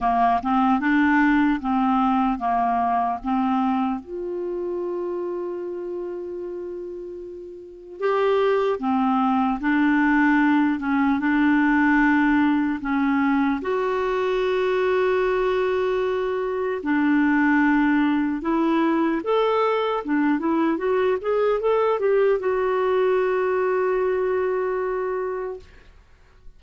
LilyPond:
\new Staff \with { instrumentName = "clarinet" } { \time 4/4 \tempo 4 = 75 ais8 c'8 d'4 c'4 ais4 | c'4 f'2.~ | f'2 g'4 c'4 | d'4. cis'8 d'2 |
cis'4 fis'2.~ | fis'4 d'2 e'4 | a'4 d'8 e'8 fis'8 gis'8 a'8 g'8 | fis'1 | }